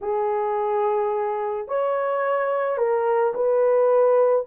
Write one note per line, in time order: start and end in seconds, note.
0.01 1.67 G#4
1.67 2.77 C#5
2.77 3.33 A#4
3.34 4.45 B4